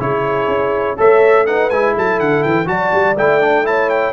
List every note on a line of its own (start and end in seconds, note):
0.00 0.48 C#3
0.00 0.97 E4
0.00 0.98 G#4
0.00 0.99 C#5
0.48 0.97 C#4
0.97 1.72 A3
0.97 1.46 A4
0.97 1.46 C#5
0.97 1.47 E5
1.47 1.71 D#4
1.47 1.95 B4
1.47 1.70 F#5
1.70 1.97 G#3
1.70 2.66 E4
1.70 1.95 G#5
1.95 2.21 F#3
1.95 2.68 A4
1.95 2.20 A5
2.20 2.45 D3
2.20 2.44 F#5
2.44 2.68 E3
2.44 2.68 G5
2.66 2.92 F#3
2.66 3.15 F#4
2.66 3.67 D5
2.66 3.17 A5
2.93 3.16 G3
3.16 4.13 A3
3.16 3.41 E4
3.16 3.67 G5
3.41 3.64 D4
3.64 4.13 E4
3.64 4.13 C#5
3.64 3.90 A5
3.90 4.13 G5